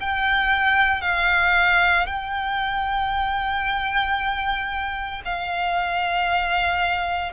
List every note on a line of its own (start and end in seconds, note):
0.00 1.01 G5
1.01 2.06 F5
2.06 5.22 G5
5.24 7.32 F5